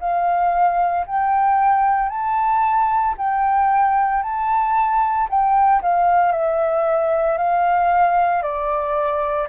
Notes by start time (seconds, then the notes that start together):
0.00 F5
1.06 G5
2.09 A5
3.18 G5
4.22 A5
5.29 G5
5.82 F5
6.32 E5
7.37 F5
8.42 D5